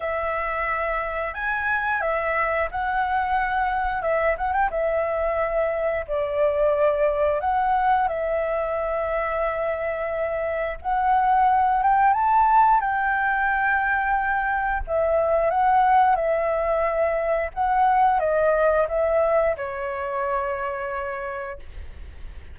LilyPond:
\new Staff \with { instrumentName = "flute" } { \time 4/4 \tempo 4 = 89 e''2 gis''4 e''4 | fis''2 e''8 fis''16 g''16 e''4~ | e''4 d''2 fis''4 | e''1 |
fis''4. g''8 a''4 g''4~ | g''2 e''4 fis''4 | e''2 fis''4 dis''4 | e''4 cis''2. | }